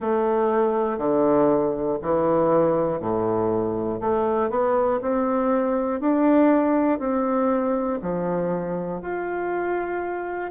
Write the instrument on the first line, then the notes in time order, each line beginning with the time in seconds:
bassoon
0.00 A3
0.98 D3
2.02 E3
3.00 A2
4.00 A3
4.50 B3
5.01 C4
6.00 D4
6.99 C4
8.01 F3
9.01 F4